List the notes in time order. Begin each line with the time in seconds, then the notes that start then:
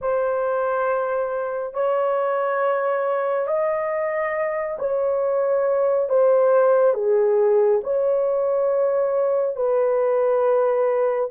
0.01 C5
1.73 C#5
3.47 D#5
4.78 C#5
6.09 C5
6.94 G#4
7.83 C#5
9.56 B4